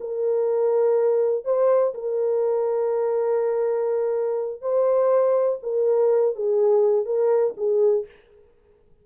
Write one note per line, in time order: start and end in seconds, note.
0.00 1.45 A#4
1.45 1.93 C5
1.94 4.61 A#4
4.61 5.59 C5
5.62 6.35 A#4
6.35 7.05 G#4
7.05 7.54 A#4
7.57 8.06 G#4